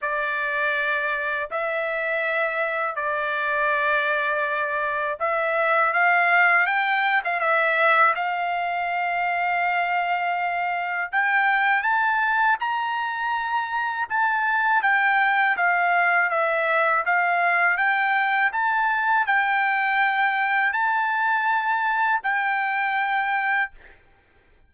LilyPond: \new Staff \with { instrumentName = "trumpet" } { \time 4/4 \tempo 4 = 81 d''2 e''2 | d''2. e''4 | f''4 g''8. f''16 e''4 f''4~ | f''2. g''4 |
a''4 ais''2 a''4 | g''4 f''4 e''4 f''4 | g''4 a''4 g''2 | a''2 g''2 | }